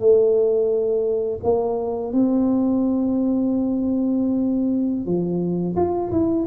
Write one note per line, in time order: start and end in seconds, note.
0.00 1.40 A3
1.44 2.13 A#3
2.13 5.06 C4
5.06 5.76 F3
5.77 6.11 F4
6.12 6.47 E4